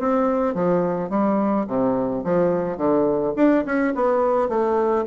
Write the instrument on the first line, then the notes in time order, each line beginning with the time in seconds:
bassoon
0.00 C4
0.55 F3
1.10 G3
1.67 C3
2.24 F3
2.77 D3
3.36 D4
3.66 C#4
3.95 B3
4.49 A3